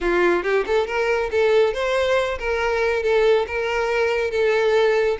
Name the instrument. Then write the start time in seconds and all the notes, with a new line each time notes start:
violin
0.00 F4
0.43 G4
0.66 A4
0.86 A#4
1.31 A4
1.73 C5
2.38 A#4
3.03 A4
3.47 A#4
4.30 A4